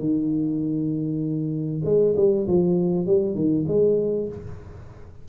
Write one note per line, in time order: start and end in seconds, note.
0.00 1.82 D#3
1.85 2.15 G#3
2.17 2.47 G3
2.48 3.07 F3
3.07 3.35 G3
3.35 3.66 D#3
3.68 4.28 G#3